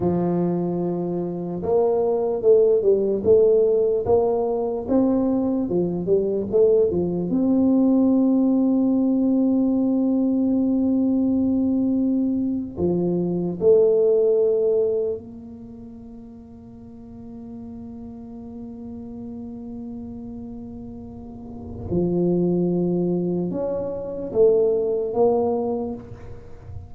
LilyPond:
\new Staff \with { instrumentName = "tuba" } { \time 4/4 \tempo 4 = 74 f2 ais4 a8 g8 | a4 ais4 c'4 f8 g8 | a8 f8 c'2.~ | c'2.~ c'8. f16~ |
f8. a2 ais4~ ais16~ | ais1~ | ais2. f4~ | f4 cis'4 a4 ais4 | }